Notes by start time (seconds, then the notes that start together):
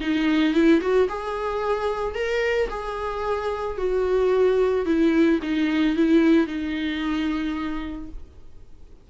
0.00 D#4
0.54 E4
0.81 F#4
1.08 G#4
2.14 A#4
2.69 G#4
3.77 F#4
4.85 E4
5.42 D#4
5.96 E4
6.46 D#4